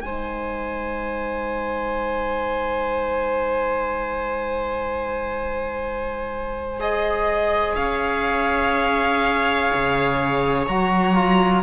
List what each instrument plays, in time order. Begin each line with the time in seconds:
0.00 cello G#3, trombone D#4, viola C5, violin G#5
6.80 trombone G#4, violin D#5
7.75 cello C#4, viola C#5, violin F5
9.74 cello C#3
10.68 cello F#3, trombone F#4, violin A#5
11.15 trombone F4